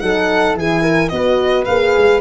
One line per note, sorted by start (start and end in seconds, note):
0.00 0.55 F#3
0.00 0.55 D#4
0.00 0.57 A4
0.00 0.56 F#5
0.55 1.10 E3
0.55 1.11 E4
0.55 0.82 G#4
0.55 1.09 G#5
0.82 1.10 A#4
1.09 1.67 B3
1.09 1.67 F#4
1.09 2.22 B4
1.09 1.64 D#5
1.65 1.96 A#3
1.65 2.22 G#4
1.65 2.21 F5
1.97 2.22 G#3